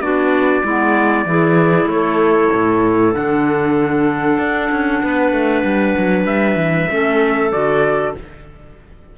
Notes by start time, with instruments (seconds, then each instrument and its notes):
0.00 cello B3, clarinet D4 F#4, trumpet D5
0.63 cello G#3, clarinet B3 E4
1.25 cello E3, clarinet E4 G#4
1.85 cello A3, clarinet A4, trumpet C#5
2.53 cello A2
3.13 cello D3, clarinet D4, trumpet F#5
4.38 cello D4
4.71 cello C#4
5.03 cello B3, clarinet B4
5.32 cello A3
5.64 cello G3
5.98 cello F#3
6.24 cello G3, trumpet E5
6.56 cello E3
6.88 cello A3, clarinet C#4 A4
7.52 cello D3, clarinet F#4, trumpet D5